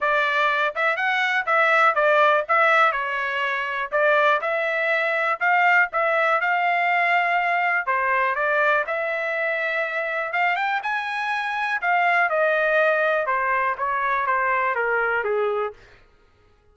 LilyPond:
\new Staff \with { instrumentName = "trumpet" } { \time 4/4 \tempo 4 = 122 d''4. e''8 fis''4 e''4 | d''4 e''4 cis''2 | d''4 e''2 f''4 | e''4 f''2. |
c''4 d''4 e''2~ | e''4 f''8 g''8 gis''2 | f''4 dis''2 c''4 | cis''4 c''4 ais'4 gis'4 | }